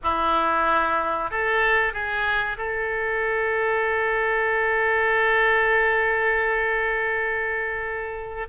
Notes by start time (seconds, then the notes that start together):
0.03 E4
1.30 A4
1.93 G#4
2.57 A4